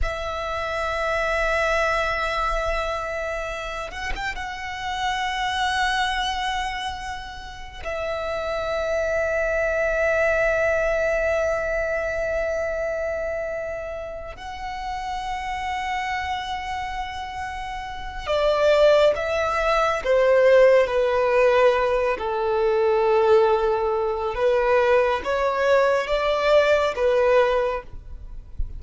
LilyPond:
\new Staff \with { instrumentName = "violin" } { \time 4/4 \tempo 4 = 69 e''1~ | e''8 fis''16 g''16 fis''2.~ | fis''4 e''2.~ | e''1~ |
e''8 fis''2.~ fis''8~ | fis''4 d''4 e''4 c''4 | b'4. a'2~ a'8 | b'4 cis''4 d''4 b'4 | }